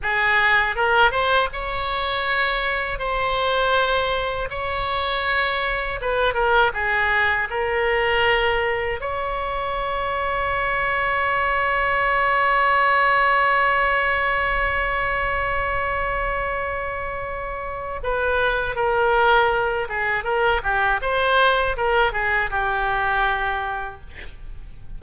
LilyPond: \new Staff \with { instrumentName = "oboe" } { \time 4/4 \tempo 4 = 80 gis'4 ais'8 c''8 cis''2 | c''2 cis''2 | b'8 ais'8 gis'4 ais'2 | cis''1~ |
cis''1~ | cis''1 | b'4 ais'4. gis'8 ais'8 g'8 | c''4 ais'8 gis'8 g'2 | }